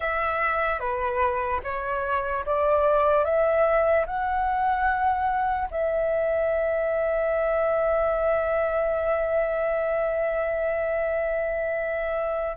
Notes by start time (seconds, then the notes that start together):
0.00 E5
0.79 B4
1.63 C#5
2.45 D5
3.24 E5
4.06 F#5
5.70 E5